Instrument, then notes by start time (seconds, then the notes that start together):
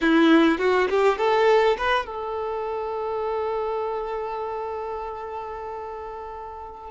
violin
0.01 E4
0.58 F#4
0.89 G4
1.17 A4
1.77 B4
2.06 A4